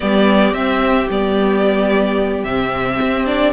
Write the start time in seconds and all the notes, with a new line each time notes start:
0.00 G3 B3 G4 D5
0.52 C4 E5
1.09 G3 B3 D5
2.44 C3 C4 E5
3.00 C4
3.25 D4 D5